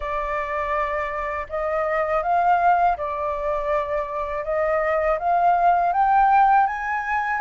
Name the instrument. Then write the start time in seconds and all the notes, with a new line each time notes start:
flute
0.00 D5
1.48 D#5
2.22 F5
2.97 D5
4.44 D#5
5.19 F5
5.93 G5
6.67 G#5